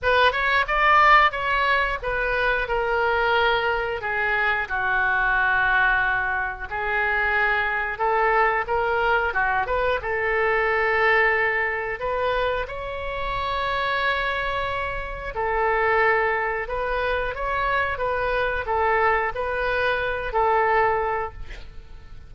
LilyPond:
\new Staff \with { instrumentName = "oboe" } { \time 4/4 \tempo 4 = 90 b'8 cis''8 d''4 cis''4 b'4 | ais'2 gis'4 fis'4~ | fis'2 gis'2 | a'4 ais'4 fis'8 b'8 a'4~ |
a'2 b'4 cis''4~ | cis''2. a'4~ | a'4 b'4 cis''4 b'4 | a'4 b'4. a'4. | }